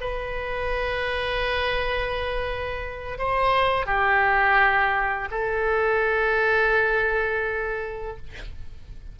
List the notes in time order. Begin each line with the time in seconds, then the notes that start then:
0.00 B4
3.18 C5
3.86 G4
5.31 A4